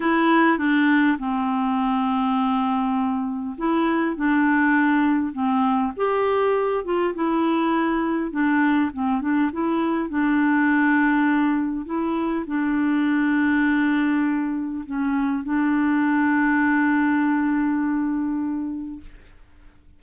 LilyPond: \new Staff \with { instrumentName = "clarinet" } { \time 4/4 \tempo 4 = 101 e'4 d'4 c'2~ | c'2 e'4 d'4~ | d'4 c'4 g'4. f'8 | e'2 d'4 c'8 d'8 |
e'4 d'2. | e'4 d'2.~ | d'4 cis'4 d'2~ | d'1 | }